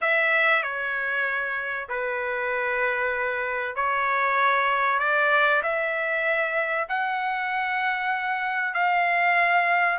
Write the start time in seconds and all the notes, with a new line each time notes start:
0.01 E5
0.62 C#5
1.88 B4
3.75 C#5
4.99 D5
5.62 E5
6.88 F#5
8.73 F5